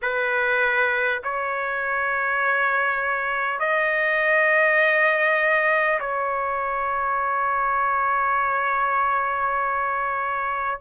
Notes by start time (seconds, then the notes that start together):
0.02 B4
1.23 C#5
3.59 D#5
5.99 C#5